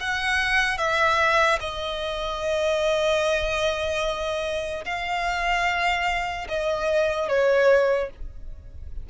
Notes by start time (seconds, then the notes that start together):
0.00 F#5
0.78 E5
1.60 D#5
4.85 F5
6.48 D#5
7.28 C#5